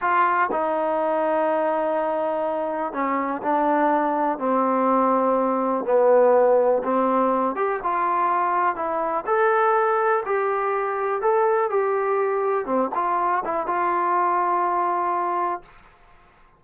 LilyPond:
\new Staff \with { instrumentName = "trombone" } { \time 4/4 \tempo 4 = 123 f'4 dis'2.~ | dis'2 cis'4 d'4~ | d'4 c'2. | b2 c'4. g'8 |
f'2 e'4 a'4~ | a'4 g'2 a'4 | g'2 c'8 f'4 e'8 | f'1 | }